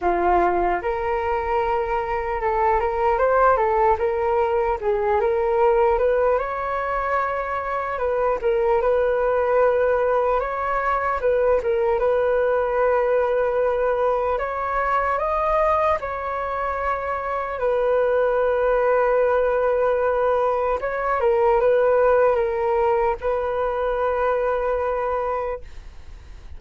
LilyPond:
\new Staff \with { instrumentName = "flute" } { \time 4/4 \tempo 4 = 75 f'4 ais'2 a'8 ais'8 | c''8 a'8 ais'4 gis'8 ais'4 b'8 | cis''2 b'8 ais'8 b'4~ | b'4 cis''4 b'8 ais'8 b'4~ |
b'2 cis''4 dis''4 | cis''2 b'2~ | b'2 cis''8 ais'8 b'4 | ais'4 b'2. | }